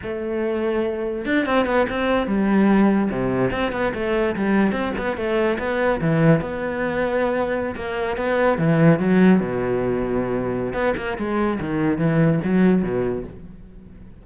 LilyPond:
\new Staff \with { instrumentName = "cello" } { \time 4/4 \tempo 4 = 145 a2. d'8 c'8 | b8 c'4 g2 c8~ | c8 c'8 b8 a4 g4 c'8 | b8 a4 b4 e4 b8~ |
b2~ b8. ais4 b16~ | b8. e4 fis4 b,4~ b,16~ | b,2 b8 ais8 gis4 | dis4 e4 fis4 b,4 | }